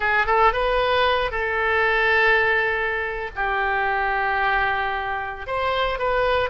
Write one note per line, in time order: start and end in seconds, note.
0.00 0.26 G#4
0.26 0.52 A4
0.52 1.31 B4
1.31 3.30 A4
3.35 5.46 G4
5.46 5.99 C5
5.99 6.49 B4